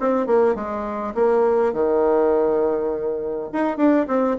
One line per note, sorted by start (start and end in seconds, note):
0.00 0.27 C4
0.27 0.55 A#3
0.55 1.14 G#3
1.15 1.74 A#3
1.74 3.50 D#3
3.53 3.77 D#4
3.77 4.07 D4
4.08 4.37 C4